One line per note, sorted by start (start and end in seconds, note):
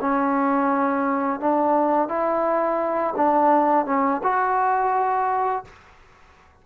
0.00 1.40 C#4
1.40 2.08 D4
2.08 3.14 E4
3.16 3.85 D4
3.85 4.21 C#4
4.23 5.64 F#4